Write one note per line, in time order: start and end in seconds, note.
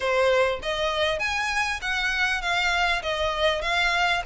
0.00 0.59 C5
0.62 1.19 D#5
1.19 1.80 G#5
1.81 2.41 F#5
2.41 3.02 F5
3.02 3.61 D#5
3.61 4.22 F5